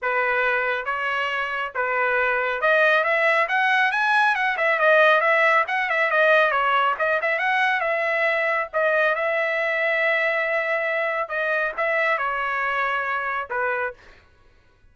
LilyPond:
\new Staff \with { instrumentName = "trumpet" } { \time 4/4 \tempo 4 = 138 b'2 cis''2 | b'2 dis''4 e''4 | fis''4 gis''4 fis''8 e''8 dis''4 | e''4 fis''8 e''8 dis''4 cis''4 |
dis''8 e''8 fis''4 e''2 | dis''4 e''2.~ | e''2 dis''4 e''4 | cis''2. b'4 | }